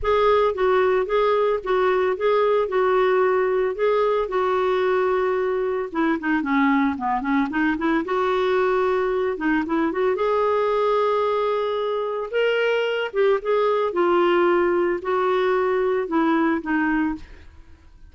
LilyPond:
\new Staff \with { instrumentName = "clarinet" } { \time 4/4 \tempo 4 = 112 gis'4 fis'4 gis'4 fis'4 | gis'4 fis'2 gis'4 | fis'2. e'8 dis'8 | cis'4 b8 cis'8 dis'8 e'8 fis'4~ |
fis'4. dis'8 e'8 fis'8 gis'4~ | gis'2. ais'4~ | ais'8 g'8 gis'4 f'2 | fis'2 e'4 dis'4 | }